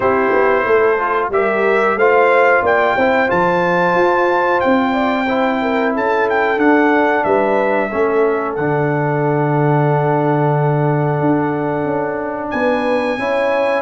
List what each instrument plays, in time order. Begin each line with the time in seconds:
0.00 tuba C4, trombone E4, horn G4, trumpet C5
0.32 tuba B3
0.64 tuba A3, horn A4
0.98 trombone F4
1.29 tuba G3, trombone G4, horn A#4, trumpet E5
1.95 tuba A3, trombone F4, horn C5, trumpet F5
2.62 tuba A#3, horn D5, trumpet G5
2.95 tuba C4, trombone E4, horn C5
3.27 tuba F3, trombone F4, trumpet A5
3.94 tuba F4
4.60 tuba C4, trumpet G5
4.92 horn D5
5.26 trombone E4, horn C5
5.61 horn A#4
5.94 tuba C#4, horn A4, trumpet A5
6.29 trumpet G5
6.57 tuba D4, trombone D4, trumpet F#5
7.24 tuba G3, horn B4, trumpet E5
7.89 tuba A3, trombone C#4, horn A4
8.55 tuba D3, trombone D4, trumpet F#5
11.20 tuba D4
11.84 tuba C#4
12.50 tuba B3, horn B4, trumpet G#5
13.18 tuba C#4, trombone E4, horn C#5